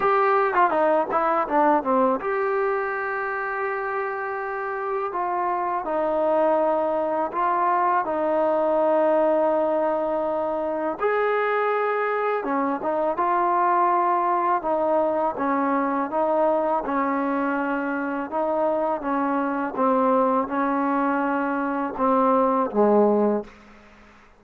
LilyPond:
\new Staff \with { instrumentName = "trombone" } { \time 4/4 \tempo 4 = 82 g'8. f'16 dis'8 e'8 d'8 c'8 g'4~ | g'2. f'4 | dis'2 f'4 dis'4~ | dis'2. gis'4~ |
gis'4 cis'8 dis'8 f'2 | dis'4 cis'4 dis'4 cis'4~ | cis'4 dis'4 cis'4 c'4 | cis'2 c'4 gis4 | }